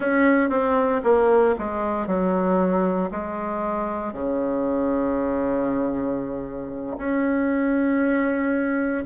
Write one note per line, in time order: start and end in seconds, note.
0.00 0.49 C#4
0.49 1.01 C4
1.03 1.55 A#3
1.58 2.06 G#3
2.06 3.10 F#3
3.11 4.12 G#3
4.12 6.97 C#3
6.97 9.04 C#4